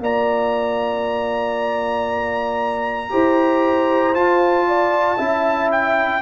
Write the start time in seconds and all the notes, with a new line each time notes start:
0.00 A#3 F4 D5 A#5
3.10 E4 G4 C5
4.14 F4 A5
4.68 D5
5.18 C#4 E4 E5
5.72 G5